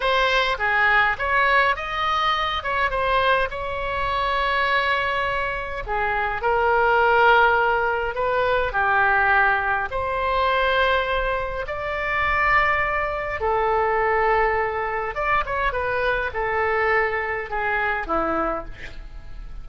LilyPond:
\new Staff \with { instrumentName = "oboe" } { \time 4/4 \tempo 4 = 103 c''4 gis'4 cis''4 dis''4~ | dis''8 cis''8 c''4 cis''2~ | cis''2 gis'4 ais'4~ | ais'2 b'4 g'4~ |
g'4 c''2. | d''2. a'4~ | a'2 d''8 cis''8 b'4 | a'2 gis'4 e'4 | }